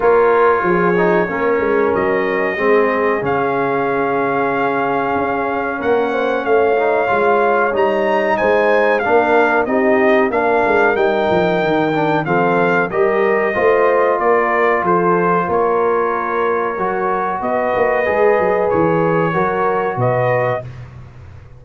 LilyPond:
<<
  \new Staff \with { instrumentName = "trumpet" } { \time 4/4 \tempo 4 = 93 cis''2. dis''4~ | dis''4 f''2.~ | f''4 fis''4 f''2 | ais''4 gis''4 f''4 dis''4 |
f''4 g''2 f''4 | dis''2 d''4 c''4 | cis''2. dis''4~ | dis''4 cis''2 dis''4 | }
  \new Staff \with { instrumentName = "horn" } { \time 4/4 ais'4 gis'4 ais'2 | gis'1~ | gis'4 ais'8 c''8 cis''2~ | cis''4 c''4 ais'4 g'4 |
ais'2. a'4 | ais'4 c''4 ais'4 a'4 | ais'2. b'4~ | b'2 ais'4 b'4 | }
  \new Staff \with { instrumentName = "trombone" } { \time 4/4 f'4. dis'8 cis'2 | c'4 cis'2.~ | cis'2~ cis'8 dis'8 f'4 | dis'2 d'4 dis'4 |
d'4 dis'4. d'8 c'4 | g'4 f'2.~ | f'2 fis'2 | gis'2 fis'2 | }
  \new Staff \with { instrumentName = "tuba" } { \time 4/4 ais4 f4 ais8 gis8 fis4 | gis4 cis2. | cis'4 ais4 a4 gis4 | g4 gis4 ais4 c'4 |
ais8 gis8 g8 f8 dis4 f4 | g4 a4 ais4 f4 | ais2 fis4 b8 ais8 | gis8 fis8 e4 fis4 b,4 | }
>>